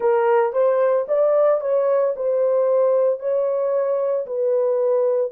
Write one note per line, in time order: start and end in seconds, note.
0.00 0.52 A#4
0.53 1.06 C5
1.08 1.60 D5
1.60 2.14 C#5
2.16 3.19 C5
3.19 4.26 C#5
4.26 5.31 B4